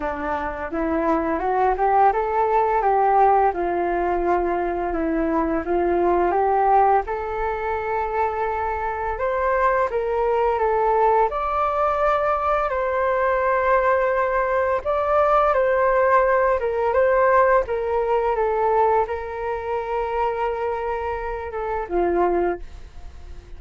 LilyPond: \new Staff \with { instrumentName = "flute" } { \time 4/4 \tempo 4 = 85 d'4 e'4 fis'8 g'8 a'4 | g'4 f'2 e'4 | f'4 g'4 a'2~ | a'4 c''4 ais'4 a'4 |
d''2 c''2~ | c''4 d''4 c''4. ais'8 | c''4 ais'4 a'4 ais'4~ | ais'2~ ais'8 a'8 f'4 | }